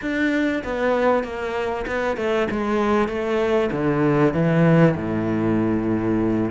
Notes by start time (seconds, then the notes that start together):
0.01 D4
0.64 B3
1.23 A#3
1.87 B3
2.16 A3
2.51 G#3
3.08 A3
3.71 D3
4.33 E3
4.96 A2